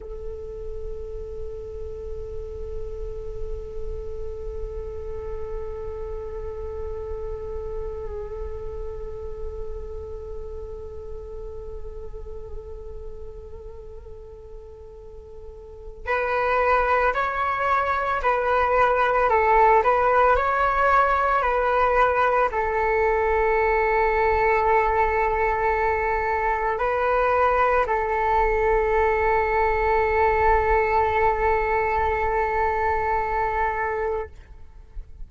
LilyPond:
\new Staff \with { instrumentName = "flute" } { \time 4/4 \tempo 4 = 56 a'1~ | a'1~ | a'1~ | a'2. b'4 |
cis''4 b'4 a'8 b'8 cis''4 | b'4 a'2.~ | a'4 b'4 a'2~ | a'1 | }